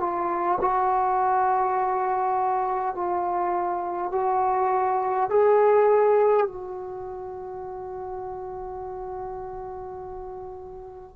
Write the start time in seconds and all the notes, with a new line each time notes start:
0.00 F4
0.60 F#4
2.95 F4
4.12 F#4
5.30 G#4
6.47 F#4